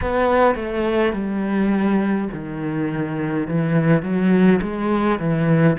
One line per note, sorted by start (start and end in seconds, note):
0.01 0.55 B3
0.55 1.13 A3
1.13 2.28 G3
2.33 3.47 D#3
3.47 4.02 E3
4.02 4.60 F#3
4.61 5.19 G#3
5.19 5.76 E3